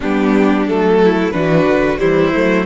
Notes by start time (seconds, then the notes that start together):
0.00 G3 B3 D4 G4
0.67 F#3 A3 A4
1.04 E4
1.31 E3 D4 F#4 B4
1.66 D3
1.98 E3 G3 E4 C5
2.33 F#3 A3